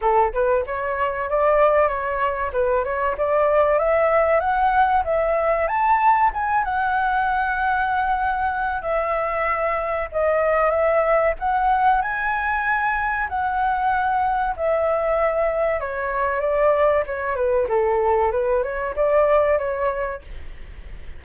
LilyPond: \new Staff \with { instrumentName = "flute" } { \time 4/4 \tempo 4 = 95 a'8 b'8 cis''4 d''4 cis''4 | b'8 cis''8 d''4 e''4 fis''4 | e''4 a''4 gis''8 fis''4.~ | fis''2 e''2 |
dis''4 e''4 fis''4 gis''4~ | gis''4 fis''2 e''4~ | e''4 cis''4 d''4 cis''8 b'8 | a'4 b'8 cis''8 d''4 cis''4 | }